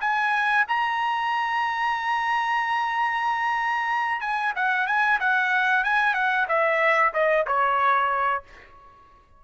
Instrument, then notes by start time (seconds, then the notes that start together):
trumpet
0.00 G#5
0.67 A#5
4.20 G#5
4.55 F#5
4.86 G#5
5.19 F#5
5.84 G#5
6.13 F#5
6.48 E5
7.13 D#5
7.46 C#5